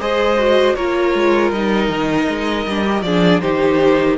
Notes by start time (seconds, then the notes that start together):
0.00 G#3 G#4 C5 D#5
0.39 F#4
0.75 A#3 F4 A#4 C#5
1.14 G#3
1.51 G3 D#4 D#5
1.89 D#3
2.29 G#3
2.66 G3 D4
2.85 G4
3.03 F3 D4 G#4 D5
3.41 D#3 D#4 G4 C5